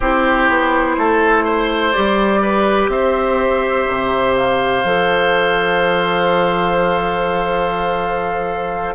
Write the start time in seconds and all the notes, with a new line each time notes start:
0.00 C4 E4 G4 C5
0.48 B3
0.97 A3 A4
1.44 C5
1.91 G3 G4 D5
2.42 B4
2.88 C4 C5 E5
3.88 C3
4.36 F5
4.84 F3 A4